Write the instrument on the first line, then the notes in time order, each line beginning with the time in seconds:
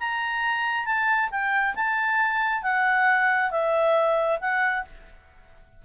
clarinet
0.00 A#5
0.86 A5
1.31 G5
1.75 A5
2.63 F#5
3.51 E5
4.41 F#5